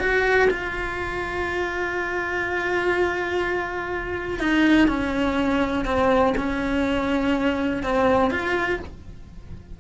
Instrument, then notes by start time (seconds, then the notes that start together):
cello
0.00 F#4
0.51 F4
4.40 D#4
4.88 C#4
5.86 C4
6.37 C#4
7.84 C4
8.31 F4